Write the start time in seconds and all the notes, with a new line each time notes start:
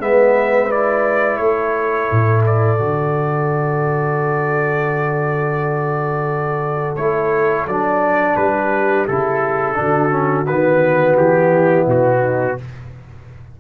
0.00 G#3 B3 B4 E5
0.71 E4 D5
1.37 A3 A4 C#5
2.11 A2
2.47 D5
2.79 D3 F#4
6.96 A3 E4 C#5
7.67 F#3 D4 D5
8.37 G3 G4 B4
9.07 C#3 E4 A4
9.75 D3 D4 F#4
10.10 C#4
10.47 D#3 B3 B4
11.17 E3 G4
11.52 E4
11.87 B2 F#4
12.20 D#4